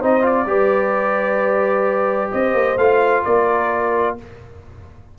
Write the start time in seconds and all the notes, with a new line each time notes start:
0.00 C4 D#4 C5 D#5
0.22 F4 D5
0.46 G3 G4 B4
2.31 C4 C5 D#5
2.54 A#3
2.77 A3 F4 F5
3.24 A#3 A#4 D5